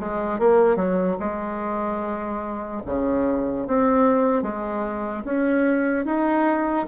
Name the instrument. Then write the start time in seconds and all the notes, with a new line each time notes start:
bassoon
0.00 G#3
0.40 A#3
0.76 F#3
1.20 G#3
2.86 C#3
3.67 C4
4.43 G#3
5.24 C#4
6.06 D#4